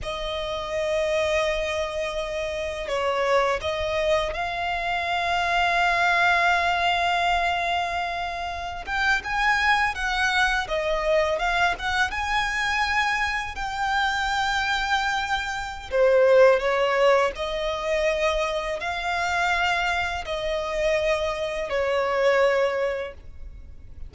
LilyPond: \new Staff \with { instrumentName = "violin" } { \time 4/4 \tempo 4 = 83 dis''1 | cis''4 dis''4 f''2~ | f''1~ | f''16 g''8 gis''4 fis''4 dis''4 f''16~ |
f''16 fis''8 gis''2 g''4~ g''16~ | g''2 c''4 cis''4 | dis''2 f''2 | dis''2 cis''2 | }